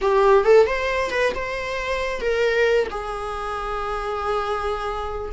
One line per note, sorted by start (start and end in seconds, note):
0.01 0.44 G4
0.44 0.66 A4
0.66 1.10 C5
1.10 1.32 B4
1.34 2.20 C5
2.20 2.87 A#4
2.90 5.33 G#4